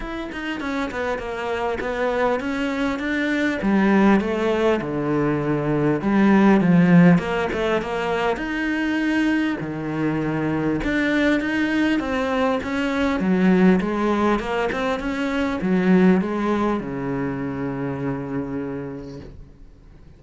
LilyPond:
\new Staff \with { instrumentName = "cello" } { \time 4/4 \tempo 4 = 100 e'8 dis'8 cis'8 b8 ais4 b4 | cis'4 d'4 g4 a4 | d2 g4 f4 | ais8 a8 ais4 dis'2 |
dis2 d'4 dis'4 | c'4 cis'4 fis4 gis4 | ais8 c'8 cis'4 fis4 gis4 | cis1 | }